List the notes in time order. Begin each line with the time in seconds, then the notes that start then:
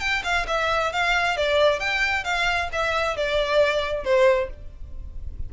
0.00 G5
0.23 F5
0.47 E5
0.92 F5
1.37 D5
1.79 G5
2.24 F5
2.72 E5
3.16 D5
4.04 C5